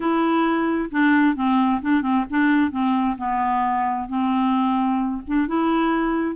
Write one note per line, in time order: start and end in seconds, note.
0.00 0.89 E4
0.91 1.35 D4
1.35 1.81 C4
1.81 2.01 D4
2.01 2.24 C4
2.30 2.70 D4
2.70 3.16 C4
3.17 4.08 B3
4.08 5.22 C4
5.27 5.47 D4
5.47 6.35 E4